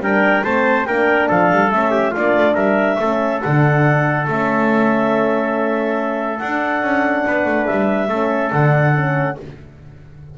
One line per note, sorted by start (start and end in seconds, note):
0.00 0.43 G3
0.00 0.45 D4
0.00 0.44 A#4
0.00 0.44 G5
0.44 0.87 A3
0.44 0.87 C4
0.44 0.87 C5
0.44 0.85 A5
0.85 1.30 A#3
0.85 1.72 D4
0.85 1.29 A#4
0.85 1.28 G5
1.29 1.52 F3
1.29 1.92 A4
1.29 1.71 F5
1.52 1.72 G3
1.71 2.15 A3
1.71 2.14 C#4
1.71 2.14 E5
1.92 2.11 G4
2.11 3.01 D4
2.11 2.53 F4
2.11 2.56 D5
2.18 2.37 A#3
2.37 2.54 A3
2.54 2.97 G3
2.54 2.97 A#4
2.54 3.41 E5
2.99 3.42 A3
2.99 3.43 C#4
2.99 7.27 A4
3.42 4.28 D3
3.42 4.29 D4
3.42 4.27 F#5
4.28 6.40 A3
4.28 6.41 C#4
4.28 6.39 E5
6.39 8.10 D4
6.39 6.82 D4
6.39 7.66 F#5
6.82 7.25 C#4
7.27 7.45 B3
7.27 8.09 B4
7.45 7.67 A3
7.66 8.09 G3
7.66 8.51 E5
8.09 8.51 A3
8.09 8.51 C#4
8.09 9.37 A4
8.51 9.38 D3
8.51 8.94 D4
8.51 9.37 F#5
8.95 9.38 C#4